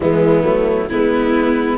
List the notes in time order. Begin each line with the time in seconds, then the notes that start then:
0.00 E3 G#3 B3 E4
0.43 F#3 A3
0.89 G#3 B3 E4 B4